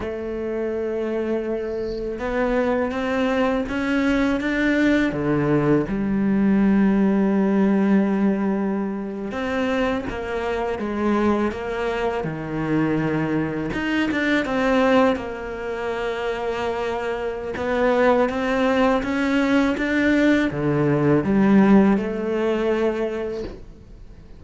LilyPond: \new Staff \with { instrumentName = "cello" } { \time 4/4 \tempo 4 = 82 a2. b4 | c'4 cis'4 d'4 d4 | g1~ | g8. c'4 ais4 gis4 ais16~ |
ais8. dis2 dis'8 d'8 c'16~ | c'8. ais2.~ ais16 | b4 c'4 cis'4 d'4 | d4 g4 a2 | }